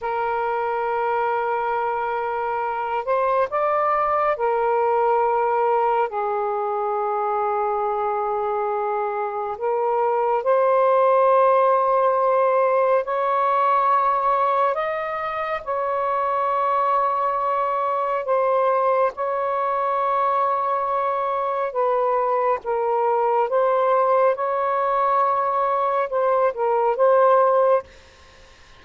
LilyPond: \new Staff \with { instrumentName = "saxophone" } { \time 4/4 \tempo 4 = 69 ais'2.~ ais'8 c''8 | d''4 ais'2 gis'4~ | gis'2. ais'4 | c''2. cis''4~ |
cis''4 dis''4 cis''2~ | cis''4 c''4 cis''2~ | cis''4 b'4 ais'4 c''4 | cis''2 c''8 ais'8 c''4 | }